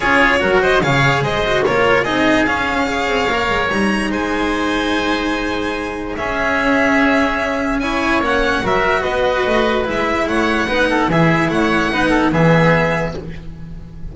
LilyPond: <<
  \new Staff \with { instrumentName = "violin" } { \time 4/4 \tempo 4 = 146 cis''4. dis''8 f''4 dis''4 | cis''4 dis''4 f''2~ | f''4 ais''4 gis''2~ | gis''2. e''4~ |
e''2. gis''4 | fis''4 e''4 dis''2 | e''4 fis''2 e''4 | fis''2 e''2 | }
  \new Staff \with { instrumentName = "oboe" } { \time 4/4 gis'4 ais'8 c''8 cis''4 c''4 | ais'4 gis'2 cis''4~ | cis''2 c''2~ | c''2. gis'4~ |
gis'2. cis''4~ | cis''4 ais'4 b'2~ | b'4 cis''4 b'8 a'8 gis'4 | cis''4 b'8 a'8 gis'2 | }
  \new Staff \with { instrumentName = "cello" } { \time 4/4 f'4 fis'4 gis'4. fis'8 | f'4 dis'4 cis'4 gis'4 | ais'4 dis'2.~ | dis'2. cis'4~ |
cis'2. e'4 | cis'4 fis'2. | e'2 dis'4 e'4~ | e'4 dis'4 b2 | }
  \new Staff \with { instrumentName = "double bass" } { \time 4/4 cis'4 fis4 cis4 gis4 | ais4 c'4 cis'4. c'8 | ais8 gis8 g4 gis2~ | gis2. cis'4~ |
cis'1 | ais4 fis4 b4 a4 | gis4 a4 b4 e4 | a4 b4 e2 | }
>>